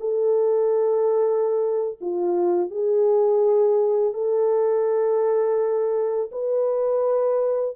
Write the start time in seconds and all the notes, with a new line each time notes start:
0.00 A4
2.00 F4
2.70 G#4
4.13 A4
6.32 B4